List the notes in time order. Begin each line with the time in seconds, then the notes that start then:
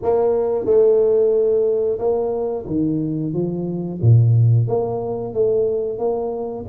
0.02 A#3
0.65 A3
1.98 A#3
2.66 D#3
3.33 F3
4.01 A#2
4.67 A#3
5.33 A3
5.98 A#3